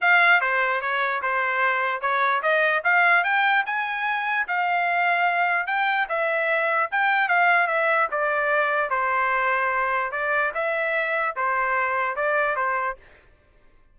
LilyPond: \new Staff \with { instrumentName = "trumpet" } { \time 4/4 \tempo 4 = 148 f''4 c''4 cis''4 c''4~ | c''4 cis''4 dis''4 f''4 | g''4 gis''2 f''4~ | f''2 g''4 e''4~ |
e''4 g''4 f''4 e''4 | d''2 c''2~ | c''4 d''4 e''2 | c''2 d''4 c''4 | }